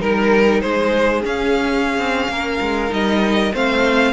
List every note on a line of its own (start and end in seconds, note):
0.00 0.62 G3
0.00 1.22 D#4
0.00 0.62 A#4
0.00 0.61 A#4
0.61 1.25 G#3
0.61 2.31 G#4
0.61 1.22 C5
1.22 2.90 C#4
1.22 1.98 C#4
1.22 2.94 F5
1.98 2.29 C4
2.29 2.60 A#3
2.29 3.54 A#4
2.61 2.92 G#3
2.90 3.53 G3
2.90 3.51 D#4
2.90 3.55 D#5
3.54 4.13 A3
3.54 4.13 C4
3.54 4.13 C5
3.54 4.13 F5